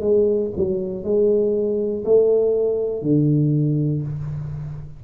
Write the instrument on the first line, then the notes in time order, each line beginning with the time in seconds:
tuba
0.00 G#3
0.56 F#3
1.03 G#3
2.05 A3
3.02 D3